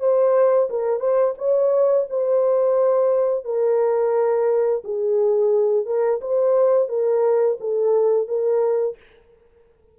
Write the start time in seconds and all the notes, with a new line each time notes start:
0.00 C5
0.70 A#4
1.00 C5
1.38 C#5
2.10 C5
3.45 A#4
4.84 G#4
5.86 A#4
6.21 C5
6.89 A#4
7.61 A4
8.28 A#4